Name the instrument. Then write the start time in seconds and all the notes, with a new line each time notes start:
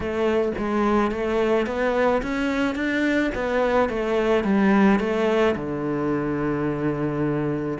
cello
0.00 A3
0.57 G#3
1.11 A3
1.66 B3
2.22 C#4
2.75 D4
3.35 B3
3.89 A3
4.44 G3
4.99 A3
5.55 D3